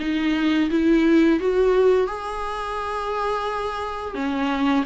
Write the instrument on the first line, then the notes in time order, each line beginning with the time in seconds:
viola
0.00 D#4
0.70 E4
1.40 F#4
2.07 G#4
4.14 C#4